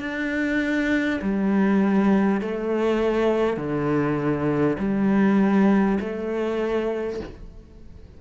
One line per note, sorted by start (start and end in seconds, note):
0.00 1.20 D4
1.22 2.42 G3
2.42 3.57 A3
3.57 4.77 D3
4.79 5.99 G3
6.01 7.21 A3